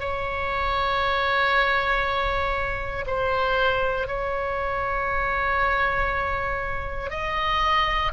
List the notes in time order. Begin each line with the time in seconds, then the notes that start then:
0.00 C#5
3.06 C5
4.08 C#5
7.10 D#5